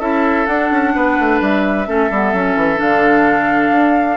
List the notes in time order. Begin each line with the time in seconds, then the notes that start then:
0.00 C#4 E4 A4 E5
0.47 D4 F#5
0.71 C#4
0.96 B3 B4
1.20 A3
1.41 G3 E5
1.87 A3 C#4 A4
2.11 G3 B3
2.34 F#3 C#4
2.56 E3
2.77 D3 D4 F5
3.71 D4